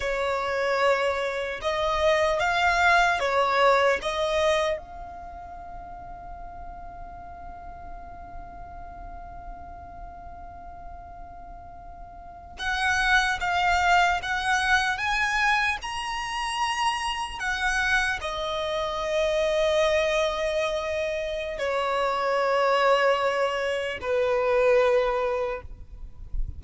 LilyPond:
\new Staff \with { instrumentName = "violin" } { \time 4/4 \tempo 4 = 75 cis''2 dis''4 f''4 | cis''4 dis''4 f''2~ | f''1~ | f''2.~ f''8. fis''16~ |
fis''8. f''4 fis''4 gis''4 ais''16~ | ais''4.~ ais''16 fis''4 dis''4~ dis''16~ | dis''2. cis''4~ | cis''2 b'2 | }